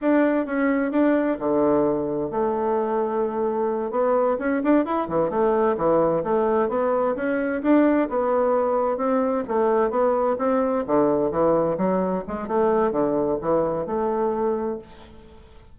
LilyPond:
\new Staff \with { instrumentName = "bassoon" } { \time 4/4 \tempo 4 = 130 d'4 cis'4 d'4 d4~ | d4 a2.~ | a8 b4 cis'8 d'8 e'8 e8 a8~ | a8 e4 a4 b4 cis'8~ |
cis'8 d'4 b2 c'8~ | c'8 a4 b4 c'4 d8~ | d8 e4 fis4 gis8 a4 | d4 e4 a2 | }